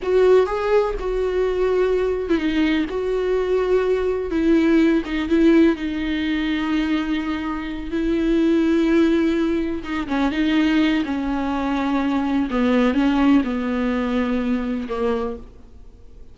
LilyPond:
\new Staff \with { instrumentName = "viola" } { \time 4/4 \tempo 4 = 125 fis'4 gis'4 fis'2~ | fis'8. e'16 dis'4 fis'2~ | fis'4 e'4. dis'8 e'4 | dis'1~ |
dis'8 e'2.~ e'8~ | e'8 dis'8 cis'8 dis'4. cis'4~ | cis'2 b4 cis'4 | b2. ais4 | }